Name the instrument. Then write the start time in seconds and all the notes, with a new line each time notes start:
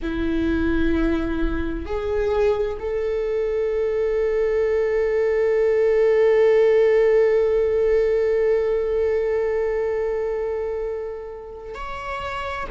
viola
0.02 E4
1.85 G#4
2.79 A4
11.74 C#5